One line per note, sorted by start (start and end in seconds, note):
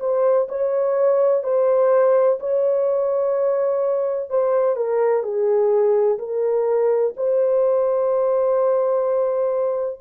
0.00 0.48 C5
0.49 1.44 C#5
1.44 2.39 C5
2.40 4.30 C#5
4.30 4.76 C5
4.76 5.23 A#4
5.23 6.19 G#4
6.19 7.14 A#4
7.17 10.01 C5